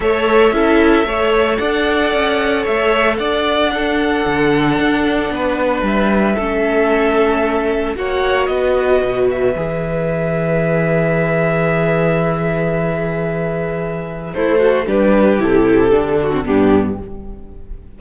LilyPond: <<
  \new Staff \with { instrumentName = "violin" } { \time 4/4 \tempo 4 = 113 e''2. fis''4~ | fis''4 e''4 fis''2~ | fis''2. e''4~ | e''2. fis''4 |
dis''4. e''2~ e''8~ | e''1~ | e''2. c''4 | b'4 a'2 g'4 | }
  \new Staff \with { instrumentName = "violin" } { \time 4/4 cis''4 a'4 cis''4 d''4~ | d''4 cis''4 d''4 a'4~ | a'2 b'2 | a'2. cis''4 |
b'1~ | b'1~ | b'2. e'8 fis'8 | g'2~ g'8 fis'8 d'4 | }
  \new Staff \with { instrumentName = "viola" } { \time 4/4 a'4 e'4 a'2~ | a'2. d'4~ | d'1 | cis'2. fis'4~ |
fis'2 gis'2~ | gis'1~ | gis'2. a'4 | d'4 e'4 d'8. c'16 b4 | }
  \new Staff \with { instrumentName = "cello" } { \time 4/4 a4 cis'4 a4 d'4 | cis'4 a4 d'2 | d4 d'4 b4 g4 | a2. ais4 |
b4 b,4 e2~ | e1~ | e2. a4 | g4 c4 d4 g,4 | }
>>